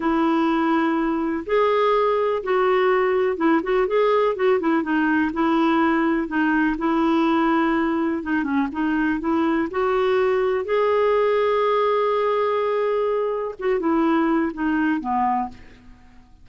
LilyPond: \new Staff \with { instrumentName = "clarinet" } { \time 4/4 \tempo 4 = 124 e'2. gis'4~ | gis'4 fis'2 e'8 fis'8 | gis'4 fis'8 e'8 dis'4 e'4~ | e'4 dis'4 e'2~ |
e'4 dis'8 cis'8 dis'4 e'4 | fis'2 gis'2~ | gis'1 | fis'8 e'4. dis'4 b4 | }